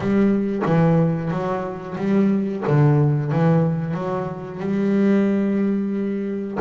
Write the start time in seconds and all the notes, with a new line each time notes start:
0.00 G3
0.65 E3
1.30 F#3
1.97 G3
2.67 D3
3.31 E3
3.94 F#3
4.60 G3